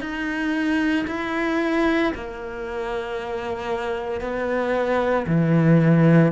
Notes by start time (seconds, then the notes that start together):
0.00 D#4
1.07 E4
2.14 A#3
4.21 B3
5.26 E3